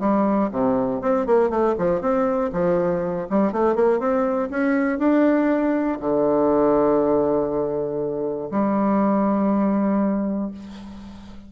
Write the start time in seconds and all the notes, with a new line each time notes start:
0.00 G3
0.52 C3
1.02 C4
1.26 A#3
1.50 A3
1.78 F3
2.01 C4
2.53 F3
3.30 G3
3.52 A3
3.76 A#3
3.99 C4
4.50 C#4
4.99 D4
6.00 D3
8.51 G3